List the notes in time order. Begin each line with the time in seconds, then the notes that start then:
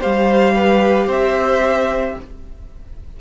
0.00 G3 G4 C5 F5
0.55 B4
1.07 C4 C5 E5